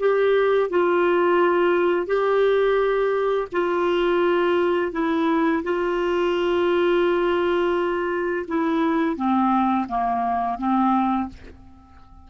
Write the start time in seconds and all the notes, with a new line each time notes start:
0.00 G4
0.70 F4
2.07 G4
3.53 F4
4.93 E4
5.64 F4
8.48 E4
9.17 C4
9.89 A#3
10.59 C4